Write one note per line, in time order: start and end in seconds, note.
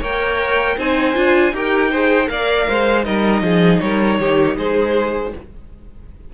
0.00 0.77 A#3
0.00 0.79 A#4
0.00 0.76 C#5
0.00 0.79 G5
0.77 1.15 C4
0.77 1.15 D#4
0.77 1.53 C5
0.77 1.55 G#5
1.15 1.52 D4
1.15 1.53 F4
1.52 2.28 D#4
1.52 1.91 G4
1.52 1.91 A#4
1.52 2.29 G5
1.91 2.26 G#4
1.91 2.29 C5
2.26 2.67 A#3
2.26 3.02 A#4
2.26 2.68 D5
2.26 3.05 F5
2.68 3.07 G#3
2.68 3.05 C5
3.02 3.42 G3
3.02 5.30 D#4
3.02 3.43 A#4
3.02 3.80 D#5
3.42 3.80 F3
3.42 3.82 G#4
3.80 4.19 G3
3.80 4.20 A#4
3.80 4.56 C#5
4.19 4.57 D#3
4.19 4.57 G4
4.57 5.33 G#3
4.57 5.33 G#4
4.57 5.34 C5